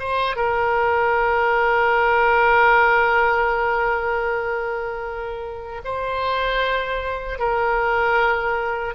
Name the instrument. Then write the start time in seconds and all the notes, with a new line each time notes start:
oboe
0.00 C5
0.36 A#4
5.85 C5
7.39 A#4